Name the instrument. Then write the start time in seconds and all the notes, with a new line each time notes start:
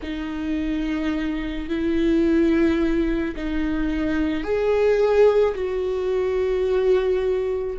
viola
0.02 D#4
1.68 E4
3.35 D#4
4.43 G#4
5.55 F#4